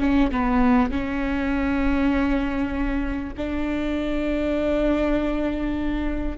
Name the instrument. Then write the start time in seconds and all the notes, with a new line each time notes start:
viola
0.00 C#4
0.31 B3
0.91 C#4
3.36 D4